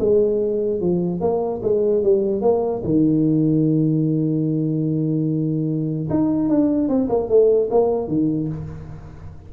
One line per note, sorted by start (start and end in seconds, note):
0.00 0.81 G#3
0.81 1.21 F3
1.21 1.62 A#3
1.63 2.03 G#3
2.03 2.42 G3
2.42 2.82 A#3
2.85 6.09 D#3
6.10 6.49 D#4
6.49 6.89 D4
6.89 7.09 C4
7.09 7.30 A#3
7.30 7.70 A3
7.71 8.08 A#3
8.08 8.49 D#3